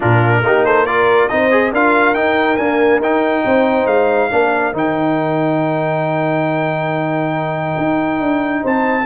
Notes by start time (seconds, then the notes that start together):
0.00 A#2 D4 F4 A#4
0.42 A#3 D#4 G4
0.65 A4 C5
0.86 F4 A#4 D5
1.28 C4 D#4 C5 D#5
1.51 G#4
1.72 D4 F4 A#4 F5
2.14 D#4 G5
2.56 A#3 D4 G#5
3.00 D#4 G5
3.45 C4 C5
3.86 G#3 F5
4.30 A#3 D4 A#4
4.73 D#3 D#4 G5
7.77 D#4
8.20 D4
8.62 C4 C5 A5